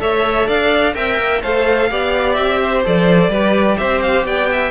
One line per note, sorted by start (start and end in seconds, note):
0.00 0.48 A3
0.00 0.94 A4
0.00 0.48 C#5
0.00 0.49 E5
0.48 0.96 D4
0.48 0.95 D5
0.48 0.95 F5
0.94 1.19 C4
0.94 1.42 A#4
0.94 1.42 E5
0.94 1.42 G5
1.19 1.43 A#3
1.42 1.91 A3
1.42 1.91 A4
1.42 1.90 C5
1.42 2.34 F5
1.91 2.38 B3
1.91 2.85 G4
1.91 2.62 D5
2.34 2.86 C4
2.34 2.81 E5
2.63 3.31 C5
2.85 3.29 F3
2.85 3.32 A4
2.85 3.78 D5
3.29 3.76 G3
3.29 4.71 G4
3.29 3.78 B4
3.78 4.24 C4
3.78 4.27 C5
3.78 4.01 E5
4.02 4.25 F5
4.24 4.71 B3
4.24 4.50 D5
4.24 4.71 G5
4.51 4.71 E5